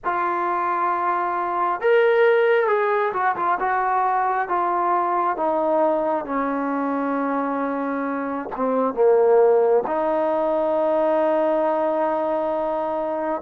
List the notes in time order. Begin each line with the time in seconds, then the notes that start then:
0.04 F4
1.81 A#4
2.67 G#4
3.13 F#4
3.35 F4
3.59 F#4
4.48 F4
5.36 D#4
6.25 C#4
8.56 C4
8.93 A#3
9.86 D#4